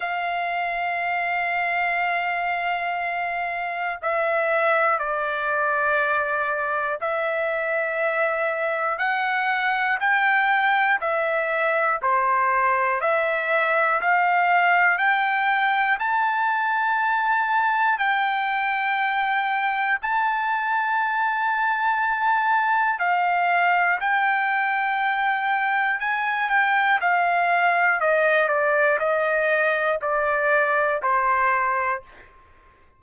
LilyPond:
\new Staff \with { instrumentName = "trumpet" } { \time 4/4 \tempo 4 = 60 f''1 | e''4 d''2 e''4~ | e''4 fis''4 g''4 e''4 | c''4 e''4 f''4 g''4 |
a''2 g''2 | a''2. f''4 | g''2 gis''8 g''8 f''4 | dis''8 d''8 dis''4 d''4 c''4 | }